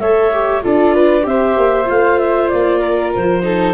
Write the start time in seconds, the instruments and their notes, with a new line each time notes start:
0.00 tuba A3, viola A4, flute C#5, clarinet E5
0.33 viola G4
0.63 tuba D4, viola F4, flute A4, clarinet D5
0.94 flute B4
1.22 tuba C4, viola G4, clarinet E5
1.29 flute C5
1.57 tuba A#3
1.84 viola F4, clarinet F5
1.90 tuba A3
2.19 clarinet E5
2.49 tuba A#3, clarinet D5
2.80 flute A#4
3.15 tuba F3, clarinet C5
3.43 viola D#4, flute A4